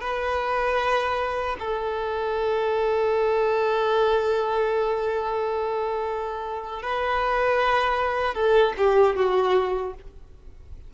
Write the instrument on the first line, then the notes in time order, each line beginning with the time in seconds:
violin
0.00 B4
1.59 A4
6.82 B4
8.34 A4
8.77 G4
9.16 F#4